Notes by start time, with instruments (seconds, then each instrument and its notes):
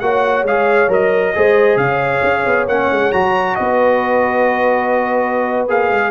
0.00 tuba A#3, trombone F#4, horn C#5, trumpet F#5
0.43 tuba G#3, trombone G#4, trumpet F5
0.88 tuba F#3, trombone A#4, trumpet D#5
1.35 tuba G#3, trombone G#4, horn C5
1.76 tuba C#3, horn C#5, trumpet F5
2.23 tuba C#4
2.46 tuba B3
2.67 tuba A#3, trombone C#4, trumpet F#5
2.91 tuba G#3
3.12 tuba F#3, trombone F#4, trumpet A#5
3.55 tuba B3, horn B4, trumpet D#5
5.68 tuba A#3, trombone G#4, trumpet F5
5.90 tuba G#3